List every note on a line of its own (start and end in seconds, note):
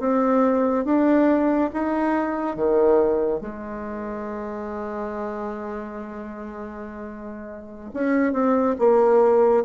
0.00 0.85 C4
0.85 1.71 D4
1.73 2.56 D#4
2.56 3.41 D#3
3.41 7.91 G#3
7.94 8.33 C#4
8.33 8.76 C4
8.79 9.65 A#3